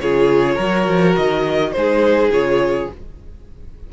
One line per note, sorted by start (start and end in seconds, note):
0.00 0.58 C#3
0.00 0.59 F4
0.00 0.55 G#4
0.00 1.16 C#5
0.55 0.88 F#3
0.55 1.74 F#4
0.55 1.71 A#4
0.88 1.17 F3
1.16 1.75 D#3
1.16 1.72 D#5
1.72 2.30 G#3
1.72 2.32 D#4
1.72 2.93 G#4
1.72 2.30 C5
2.30 2.88 C#3
2.30 2.90 F4
2.30 2.91 C#5